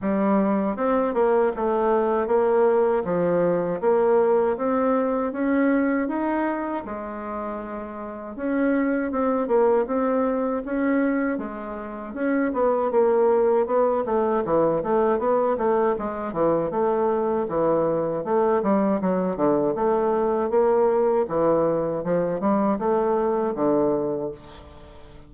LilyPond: \new Staff \with { instrumentName = "bassoon" } { \time 4/4 \tempo 4 = 79 g4 c'8 ais8 a4 ais4 | f4 ais4 c'4 cis'4 | dis'4 gis2 cis'4 | c'8 ais8 c'4 cis'4 gis4 |
cis'8 b8 ais4 b8 a8 e8 a8 | b8 a8 gis8 e8 a4 e4 | a8 g8 fis8 d8 a4 ais4 | e4 f8 g8 a4 d4 | }